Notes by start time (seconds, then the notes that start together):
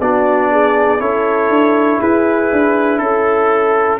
0.00 B3 D4 F#4 D5
0.51 G#4
0.99 C#4 E4 A4 C#5
1.49 D4
1.99 E4 G#4 B4
2.51 D4
2.98 C#4 A4